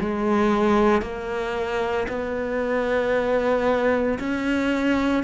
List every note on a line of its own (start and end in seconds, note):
0.00 1.02 G#3
1.02 2.08 A#3
2.09 4.19 B3
4.19 5.24 C#4